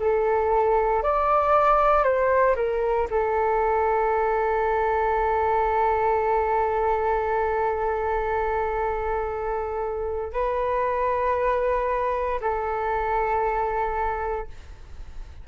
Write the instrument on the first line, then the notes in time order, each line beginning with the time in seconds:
flute
0.00 A4
1.03 D5
2.04 C5
2.56 A#4
3.11 A4
10.33 B4
12.41 A4